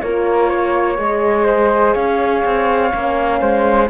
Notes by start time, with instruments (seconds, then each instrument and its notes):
0.00 cello A#3, horn F4, flute A#4 C#5
0.49 flute C#5
0.97 cello G#3, horn G#4, flute D#5
1.46 flute C5
1.93 cello C#4, flute C#5 F5
2.44 cello C4
2.91 cello A#3, horn C#4
3.40 cello G#3, flute C5